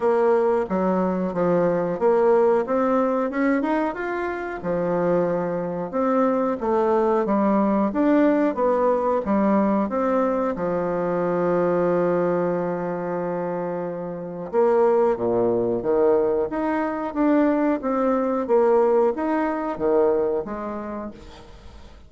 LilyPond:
\new Staff \with { instrumentName = "bassoon" } { \time 4/4 \tempo 4 = 91 ais4 fis4 f4 ais4 | c'4 cis'8 dis'8 f'4 f4~ | f4 c'4 a4 g4 | d'4 b4 g4 c'4 |
f1~ | f2 ais4 ais,4 | dis4 dis'4 d'4 c'4 | ais4 dis'4 dis4 gis4 | }